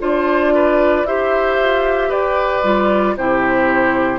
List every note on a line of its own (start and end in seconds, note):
0.00 1.04 D4
0.00 1.05 F4
0.00 0.54 C5
0.00 1.07 D5
0.54 1.07 B4
1.04 1.57 E4
1.04 2.64 G4
1.04 2.09 C5
1.04 2.11 E5
1.60 2.09 F4
2.09 2.62 G4
2.09 3.14 B4
2.09 3.16 D5
2.63 3.16 G3
2.63 3.16 F4
3.16 4.18 C3
3.16 4.18 E4
3.16 4.18 G4
3.16 4.18 C5